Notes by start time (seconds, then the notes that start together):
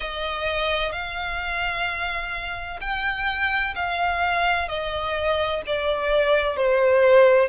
0.00 D#5
0.92 F5
2.80 G5
3.75 F5
4.68 D#5
5.66 D5
6.56 C5